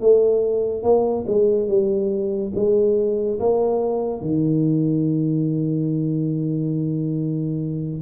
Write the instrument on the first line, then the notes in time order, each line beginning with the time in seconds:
tuba
0.00 A3
0.83 A#3
1.27 G#3
1.67 G3
2.54 G#3
3.39 A#3
4.21 D#3